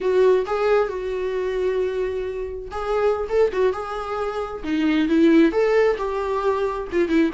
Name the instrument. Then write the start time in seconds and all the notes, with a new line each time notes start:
viola
0.00 F#4
0.46 G#4
0.88 F#4
2.71 G#4
3.29 A4
3.52 F#4
3.72 G#4
4.63 D#4
5.08 E4
5.51 A4
5.97 G4
6.91 F4
7.08 E4